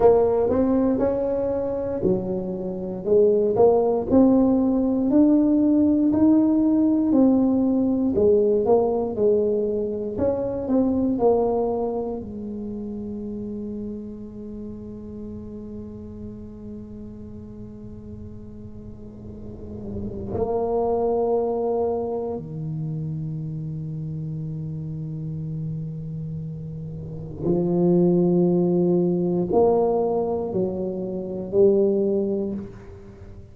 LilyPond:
\new Staff \with { instrumentName = "tuba" } { \time 4/4 \tempo 4 = 59 ais8 c'8 cis'4 fis4 gis8 ais8 | c'4 d'4 dis'4 c'4 | gis8 ais8 gis4 cis'8 c'8 ais4 | gis1~ |
gis1 | ais2 dis2~ | dis2. f4~ | f4 ais4 fis4 g4 | }